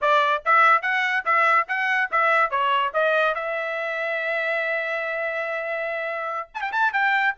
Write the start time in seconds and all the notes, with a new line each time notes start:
0.01 D5
0.45 E5
0.82 F#5
1.25 E5
1.68 F#5
2.11 E5
2.50 C#5
2.93 D#5
3.34 E5
6.54 A5
6.61 G5
6.71 A5
6.92 G5